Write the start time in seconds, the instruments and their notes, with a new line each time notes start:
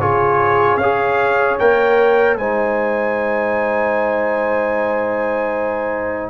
0.00 tuba C#3, trombone F4, horn G#4, trumpet C#5
0.76 tuba C#4, trombone G#4, horn C#5, trumpet F5
1.59 tuba A#3, trombone A#4, trumpet G5
2.37 tuba G#3, trombone D#4, horn C5, trumpet G#5